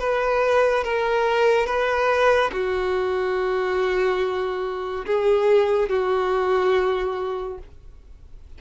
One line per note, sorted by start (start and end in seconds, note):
0.00 0.84 B4
0.84 1.67 A#4
1.67 2.51 B4
2.52 5.06 F#4
5.06 5.90 G#4
5.90 7.59 F#4